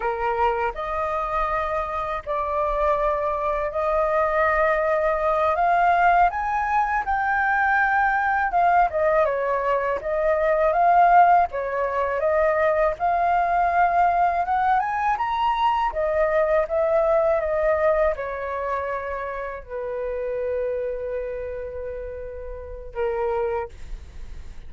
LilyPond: \new Staff \with { instrumentName = "flute" } { \time 4/4 \tempo 4 = 81 ais'4 dis''2 d''4~ | d''4 dis''2~ dis''8 f''8~ | f''8 gis''4 g''2 f''8 | dis''8 cis''4 dis''4 f''4 cis''8~ |
cis''8 dis''4 f''2 fis''8 | gis''8 ais''4 dis''4 e''4 dis''8~ | dis''8 cis''2 b'4.~ | b'2. ais'4 | }